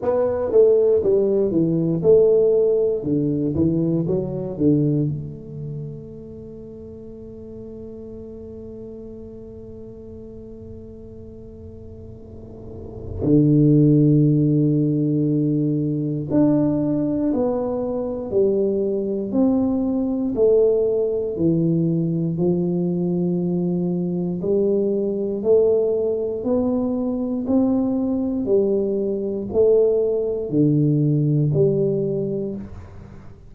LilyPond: \new Staff \with { instrumentName = "tuba" } { \time 4/4 \tempo 4 = 59 b8 a8 g8 e8 a4 d8 e8 | fis8 d8 a2.~ | a1~ | a4 d2. |
d'4 b4 g4 c'4 | a4 e4 f2 | g4 a4 b4 c'4 | g4 a4 d4 g4 | }